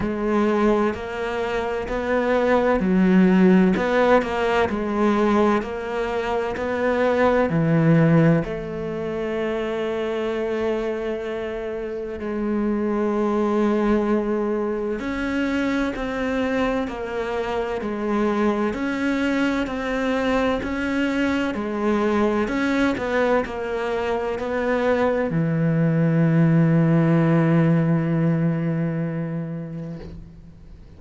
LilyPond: \new Staff \with { instrumentName = "cello" } { \time 4/4 \tempo 4 = 64 gis4 ais4 b4 fis4 | b8 ais8 gis4 ais4 b4 | e4 a2.~ | a4 gis2. |
cis'4 c'4 ais4 gis4 | cis'4 c'4 cis'4 gis4 | cis'8 b8 ais4 b4 e4~ | e1 | }